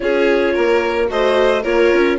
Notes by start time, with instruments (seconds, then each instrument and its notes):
0.00 bassoon C#4, viola F4, violin G#4, clarinet C#5
0.53 bassoon A#3, violin A#4
1.07 bassoon A3, viola F#4, violin C5, clarinet D#5
1.62 bassoon A#3, viola F4, violin A#4, clarinet C#5
1.93 bassoon C#4